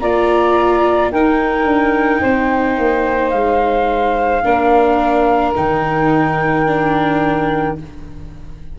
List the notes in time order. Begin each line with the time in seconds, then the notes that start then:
0.00 A#3 F4 D5 A#5
1.12 D#4 A#4 G5
1.65 D4
2.21 C4 C5
2.78 A#3
3.30 G#3 F5
4.44 A#3 D4 A#4
5.56 D#3 D#4 G5
6.66 D4